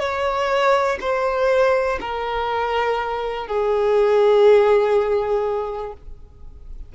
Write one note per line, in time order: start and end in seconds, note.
0.00 0.98 C#5
1.01 1.99 C5
2.01 3.47 A#4
3.47 5.93 G#4